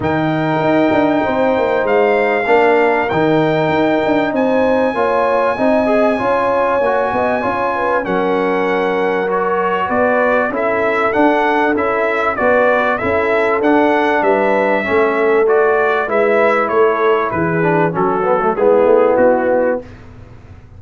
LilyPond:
<<
  \new Staff \with { instrumentName = "trumpet" } { \time 4/4 \tempo 4 = 97 g''2. f''4~ | f''4 g''2 gis''4~ | gis''1~ | gis''4 fis''2 cis''4 |
d''4 e''4 fis''4 e''4 | d''4 e''4 fis''4 e''4~ | e''4 d''4 e''4 cis''4 | b'4 a'4 gis'4 fis'4 | }
  \new Staff \with { instrumentName = "horn" } { \time 4/4 ais'2 c''2 | ais'2. c''4 | cis''4 dis''4 cis''4. dis''8 | cis''8 b'8 ais'2. |
b'4 a'2. | b'4 a'2 b'4 | a'2 b'4 a'4 | gis'4 fis'4 e'2 | }
  \new Staff \with { instrumentName = "trombone" } { \time 4/4 dis'1 | d'4 dis'2. | f'4 dis'8 gis'8 f'4 fis'4 | f'4 cis'2 fis'4~ |
fis'4 e'4 d'4 e'4 | fis'4 e'4 d'2 | cis'4 fis'4 e'2~ | e'8 d'8 cis'8 b16 a16 b2 | }
  \new Staff \with { instrumentName = "tuba" } { \time 4/4 dis4 dis'8 d'8 c'8 ais8 gis4 | ais4 dis4 dis'8 d'8 c'4 | ais4 c'4 cis'4 ais8 b8 | cis'4 fis2. |
b4 cis'4 d'4 cis'4 | b4 cis'4 d'4 g4 | a2 gis4 a4 | e4 fis4 gis8 a8 b4 | }
>>